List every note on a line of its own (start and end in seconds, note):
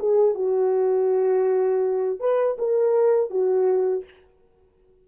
0.00 0.35 G#4
0.35 2.20 F#4
2.20 2.57 B4
2.59 3.30 A#4
3.30 4.04 F#4